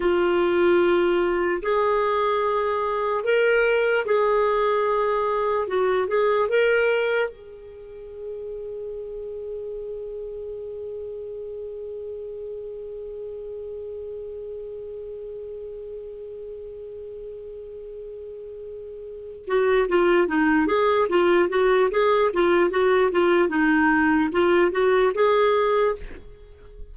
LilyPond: \new Staff \with { instrumentName = "clarinet" } { \time 4/4 \tempo 4 = 74 f'2 gis'2 | ais'4 gis'2 fis'8 gis'8 | ais'4 gis'2.~ | gis'1~ |
gis'1~ | gis'1 | fis'8 f'8 dis'8 gis'8 f'8 fis'8 gis'8 f'8 | fis'8 f'8 dis'4 f'8 fis'8 gis'4 | }